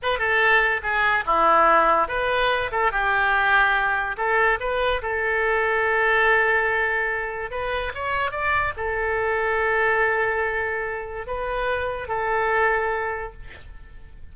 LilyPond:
\new Staff \with { instrumentName = "oboe" } { \time 4/4 \tempo 4 = 144 b'8 a'4. gis'4 e'4~ | e'4 b'4. a'8 g'4~ | g'2 a'4 b'4 | a'1~ |
a'2 b'4 cis''4 | d''4 a'2.~ | a'2. b'4~ | b'4 a'2. | }